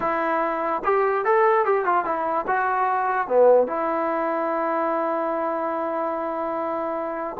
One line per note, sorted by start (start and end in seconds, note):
0.00 0.82 E4
0.84 1.24 G4
1.24 1.65 A4
1.65 1.85 G4
1.85 2.04 F4
2.04 2.45 E4
2.47 3.27 F#4
3.27 3.67 B3
3.67 7.37 E4